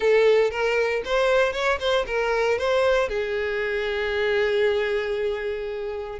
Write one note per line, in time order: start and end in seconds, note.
0.00 0.50 A4
0.50 1.02 A#4
1.05 1.53 C5
1.53 1.78 C#5
1.79 2.05 C5
2.06 2.58 A#4
2.58 3.08 C5
3.08 6.19 G#4